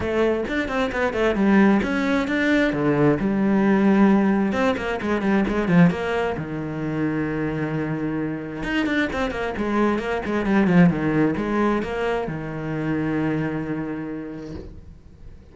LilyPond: \new Staff \with { instrumentName = "cello" } { \time 4/4 \tempo 4 = 132 a4 d'8 c'8 b8 a8 g4 | cis'4 d'4 d4 g4~ | g2 c'8 ais8 gis8 g8 | gis8 f8 ais4 dis2~ |
dis2. dis'8 d'8 | c'8 ais8 gis4 ais8 gis8 g8 f8 | dis4 gis4 ais4 dis4~ | dis1 | }